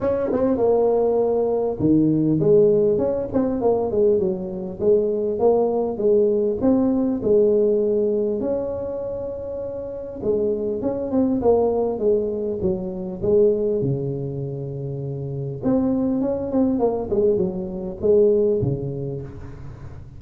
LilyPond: \new Staff \with { instrumentName = "tuba" } { \time 4/4 \tempo 4 = 100 cis'8 c'8 ais2 dis4 | gis4 cis'8 c'8 ais8 gis8 fis4 | gis4 ais4 gis4 c'4 | gis2 cis'2~ |
cis'4 gis4 cis'8 c'8 ais4 | gis4 fis4 gis4 cis4~ | cis2 c'4 cis'8 c'8 | ais8 gis8 fis4 gis4 cis4 | }